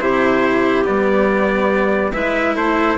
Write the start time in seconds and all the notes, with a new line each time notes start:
0.00 C3 E4 G4 C5
0.84 G3 B3 D5
2.13 G#3 E4 B4 E5
2.55 A3 A4 C5